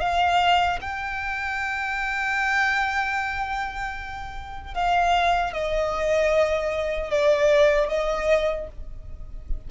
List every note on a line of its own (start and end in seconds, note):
0.00 0.79 F5
0.81 4.74 G5
4.74 5.53 F5
5.53 7.10 D#5
7.10 7.88 D5
7.88 8.67 D#5